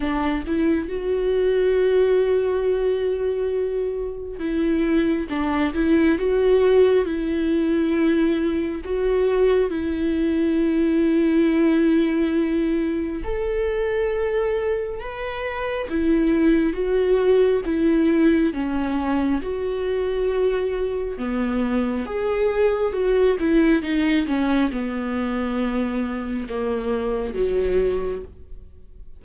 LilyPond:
\new Staff \with { instrumentName = "viola" } { \time 4/4 \tempo 4 = 68 d'8 e'8 fis'2.~ | fis'4 e'4 d'8 e'8 fis'4 | e'2 fis'4 e'4~ | e'2. a'4~ |
a'4 b'4 e'4 fis'4 | e'4 cis'4 fis'2 | b4 gis'4 fis'8 e'8 dis'8 cis'8 | b2 ais4 fis4 | }